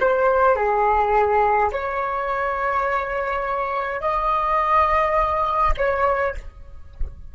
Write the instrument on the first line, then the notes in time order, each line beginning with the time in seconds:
flute
0.00 C5
0.56 G#4
1.72 C#5
4.01 D#5
5.77 C#5